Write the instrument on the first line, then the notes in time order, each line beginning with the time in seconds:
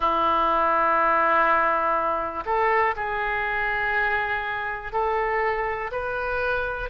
oboe
0.00 E4
2.45 A4
2.96 G#4
4.92 A4
5.92 B4